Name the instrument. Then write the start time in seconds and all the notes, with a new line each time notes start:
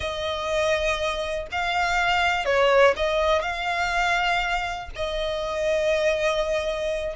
violin
0.00 D#5
1.51 F5
2.45 C#5
2.96 D#5
3.42 F5
4.95 D#5